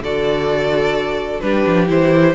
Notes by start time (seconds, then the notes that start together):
0.00 D3 F#4 A4 D5
1.41 G3 D4 G4 B4
1.67 F3
1.87 E3 E4 C5